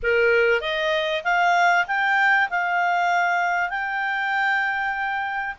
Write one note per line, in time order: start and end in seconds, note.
0.03 0.60 A#4
0.60 1.22 D#5
1.23 1.85 F5
1.87 2.49 G5
2.50 3.69 F5
3.69 5.55 G5